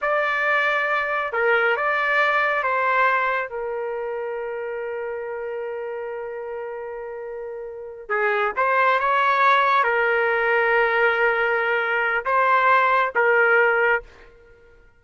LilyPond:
\new Staff \with { instrumentName = "trumpet" } { \time 4/4 \tempo 4 = 137 d''2. ais'4 | d''2 c''2 | ais'1~ | ais'1~ |
ais'2~ ais'8 gis'4 c''8~ | c''8 cis''2 ais'4.~ | ais'1 | c''2 ais'2 | }